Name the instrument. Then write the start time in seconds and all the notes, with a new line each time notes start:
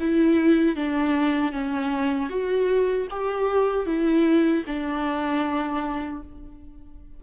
viola
0.00 E4
0.76 D4
1.53 C#4
2.30 F#4
3.10 G4
3.87 E4
4.67 D4